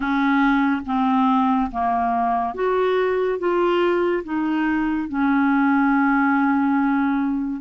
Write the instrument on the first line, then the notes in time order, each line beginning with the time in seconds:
clarinet
0.00 C#4
0.86 C4
1.71 A#3
2.54 F#4
3.38 F4
4.24 D#4
5.08 C#4